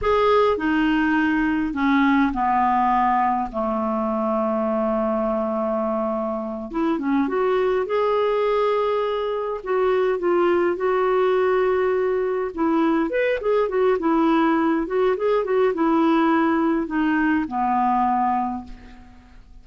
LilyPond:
\new Staff \with { instrumentName = "clarinet" } { \time 4/4 \tempo 4 = 103 gis'4 dis'2 cis'4 | b2 a2~ | a2.~ a8 e'8 | cis'8 fis'4 gis'2~ gis'8~ |
gis'8 fis'4 f'4 fis'4.~ | fis'4. e'4 b'8 gis'8 fis'8 | e'4. fis'8 gis'8 fis'8 e'4~ | e'4 dis'4 b2 | }